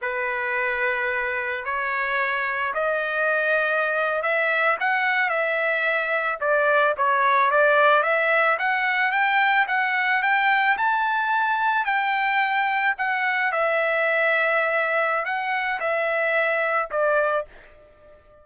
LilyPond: \new Staff \with { instrumentName = "trumpet" } { \time 4/4 \tempo 4 = 110 b'2. cis''4~ | cis''4 dis''2~ dis''8. e''16~ | e''8. fis''4 e''2 d''16~ | d''8. cis''4 d''4 e''4 fis''16~ |
fis''8. g''4 fis''4 g''4 a''16~ | a''4.~ a''16 g''2 fis''16~ | fis''8. e''2.~ e''16 | fis''4 e''2 d''4 | }